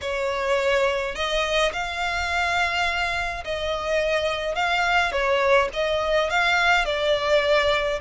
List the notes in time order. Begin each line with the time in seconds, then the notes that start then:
0.01 C#5
1.15 D#5
1.72 F5
3.44 D#5
4.55 F5
5.11 C#5
5.73 D#5
6.30 F5
6.85 D5